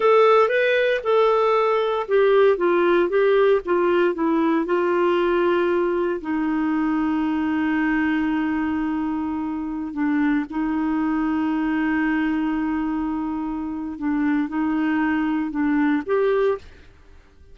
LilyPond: \new Staff \with { instrumentName = "clarinet" } { \time 4/4 \tempo 4 = 116 a'4 b'4 a'2 | g'4 f'4 g'4 f'4 | e'4 f'2. | dis'1~ |
dis'2.~ dis'16 d'8.~ | d'16 dis'2.~ dis'8.~ | dis'2. d'4 | dis'2 d'4 g'4 | }